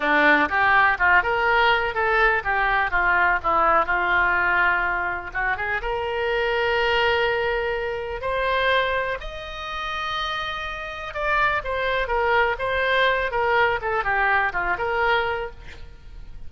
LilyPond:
\new Staff \with { instrumentName = "oboe" } { \time 4/4 \tempo 4 = 124 d'4 g'4 f'8 ais'4. | a'4 g'4 f'4 e'4 | f'2. fis'8 gis'8 | ais'1~ |
ais'4 c''2 dis''4~ | dis''2. d''4 | c''4 ais'4 c''4. ais'8~ | ais'8 a'8 g'4 f'8 ais'4. | }